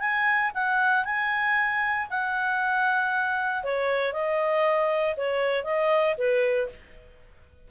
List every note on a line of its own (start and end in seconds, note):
0.00 0.51 G#5
0.55 1.05 F#5
1.05 2.08 G#5
2.10 3.64 F#5
3.64 4.13 C#5
4.13 5.16 D#5
5.17 5.64 C#5
5.64 6.16 D#5
6.18 6.69 B4